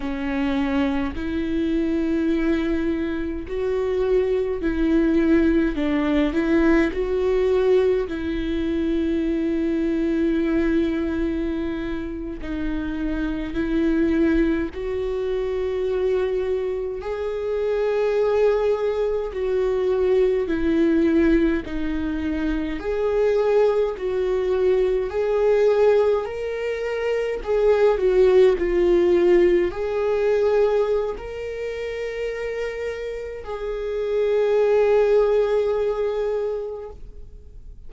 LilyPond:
\new Staff \with { instrumentName = "viola" } { \time 4/4 \tempo 4 = 52 cis'4 e'2 fis'4 | e'4 d'8 e'8 fis'4 e'4~ | e'2~ e'8. dis'4 e'16~ | e'8. fis'2 gis'4~ gis'16~ |
gis'8. fis'4 e'4 dis'4 gis'16~ | gis'8. fis'4 gis'4 ais'4 gis'16~ | gis'16 fis'8 f'4 gis'4~ gis'16 ais'4~ | ais'4 gis'2. | }